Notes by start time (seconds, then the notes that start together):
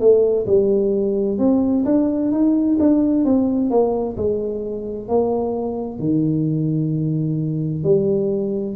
0.00 A3
0.47 G3
1.38 C4
1.85 D4
2.32 D#4
2.80 D4
3.25 C4
3.70 A#3
4.17 G#3
5.08 A#3
5.99 D#3
7.84 G3